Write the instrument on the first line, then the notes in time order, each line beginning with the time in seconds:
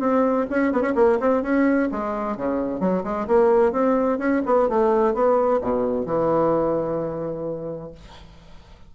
bassoon
0.00 C4
0.50 C#4
0.73 B3
0.82 C#4
0.96 A#3
1.20 C4
1.43 C#4
1.92 G#3
2.37 C#3
2.80 F#3
3.04 G#3
3.28 A#3
3.72 C4
4.19 C#4
4.46 B3
4.69 A3
5.14 B3
5.62 B2
6.06 E3